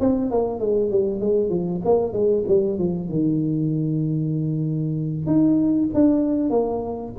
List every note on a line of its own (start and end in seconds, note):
0.00 0.31 C4
0.31 0.59 A#3
0.59 0.91 G#3
0.91 1.20 G3
1.20 1.50 G#3
1.50 1.81 F3
1.85 2.12 A#3
2.12 2.44 G#3
2.47 2.78 G3
2.78 3.09 F3
3.09 5.26 D#3
5.26 5.89 D#4
5.94 6.50 D4
6.50 7.12 A#3